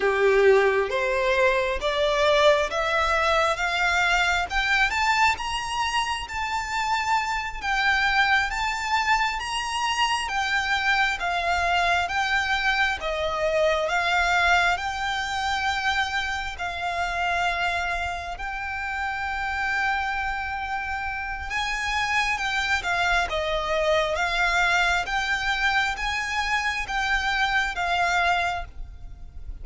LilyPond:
\new Staff \with { instrumentName = "violin" } { \time 4/4 \tempo 4 = 67 g'4 c''4 d''4 e''4 | f''4 g''8 a''8 ais''4 a''4~ | a''8 g''4 a''4 ais''4 g''8~ | g''8 f''4 g''4 dis''4 f''8~ |
f''8 g''2 f''4.~ | f''8 g''2.~ g''8 | gis''4 g''8 f''8 dis''4 f''4 | g''4 gis''4 g''4 f''4 | }